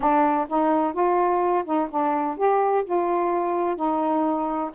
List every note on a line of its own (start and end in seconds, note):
0.00 0.47 D4
0.49 0.93 D#4
0.93 1.64 F4
1.64 1.88 D#4
1.89 2.37 D4
2.37 2.84 G4
2.85 3.76 F4
3.76 4.70 D#4